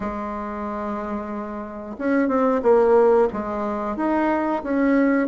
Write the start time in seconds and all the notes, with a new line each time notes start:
0.00 G#3
1.98 C#4
2.28 C4
2.62 A#3
3.32 G#3
3.96 D#4
4.63 C#4